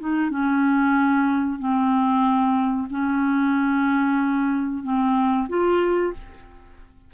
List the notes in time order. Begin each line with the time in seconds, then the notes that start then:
0.00 D#4
0.30 C#4
1.59 C4
2.90 C#4
4.84 C4
5.49 F4